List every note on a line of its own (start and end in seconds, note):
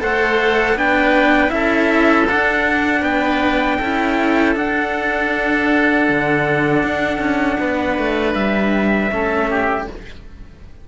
0.00 0.74 A3
0.00 0.76 A4
0.00 0.77 C5
0.00 0.78 F#5
0.74 1.50 B3
0.74 1.48 D4
0.74 1.53 B4
0.74 1.51 G5
1.48 2.28 C#4
1.48 2.24 E4
1.48 3.01 A4
1.48 2.27 E5
2.28 3.82 D4
2.28 3.02 D4
2.28 3.04 F#5
3.01 3.78 B3
3.01 3.77 B4
3.01 4.56 G5
3.78 4.56 C#4
3.78 4.55 E4
3.78 7.58 A4
4.55 9.10 D4
4.55 6.08 D4
4.55 8.34 F#5
6.09 6.83 D3
6.83 7.19 D4
7.19 7.57 C#4
7.60 7.98 B3
7.60 9.12 B4
7.99 8.35 A3
8.34 9.11 G3
8.34 9.86 E5
9.11 9.88 A3
9.11 9.87 C#4
9.11 9.50 A4
9.50 9.88 G4